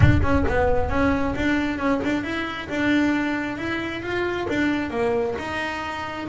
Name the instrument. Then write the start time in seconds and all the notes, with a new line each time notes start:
double bass
0.00 D4
0.22 C#4
0.48 B3
0.89 C#4
1.35 D4
1.78 C#4
2.04 D4
2.23 E4
2.69 D4
3.57 E4
4.02 F4
4.49 D4
4.90 A#3
5.38 D#4